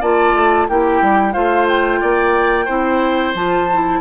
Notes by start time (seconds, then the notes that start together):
0.00 A#3 F4 D5 A5
0.33 A3
0.69 A#3 E4 G4 G5
1.02 G3
1.32 A3 F4 C5 F5
1.68 G5
2.00 A#3 D5
2.65 C4 E4 C5
3.34 F3 F4 A5
3.73 E4